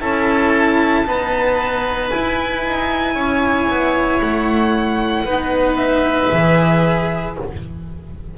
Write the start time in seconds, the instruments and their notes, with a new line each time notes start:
0.00 double bass C#4, cello E4, oboe A4, violin A5
1.05 cello B3, double bass D#4, oboe B4
2.09 cello E4, double bass E4, violin G#5
2.66 double bass D#4
3.14 double bass C#4, oboe C#5
3.68 double bass B3
4.21 double bass A3, violin F#5
5.24 double bass B3, cello D#4, oboe B4
5.77 violin E5
6.32 double bass E3, cello G#4